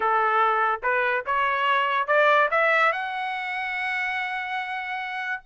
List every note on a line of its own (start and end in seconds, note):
0.00 0.80 A4
0.82 1.24 B4
1.26 2.07 C#5
2.07 2.49 D5
2.50 2.92 E5
2.92 5.42 F#5